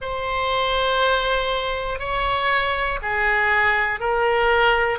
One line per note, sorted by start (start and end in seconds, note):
0.00 1.99 C5
1.99 2.99 C#5
3.02 4.00 G#4
4.00 4.99 A#4